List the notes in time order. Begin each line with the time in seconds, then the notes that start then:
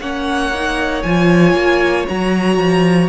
0.00 A#3 C#4 C#5 F#5
0.54 D#4
1.02 F3 F4 G#5
1.53 A#3
2.07 F#3 F#4 A#5
2.57 F3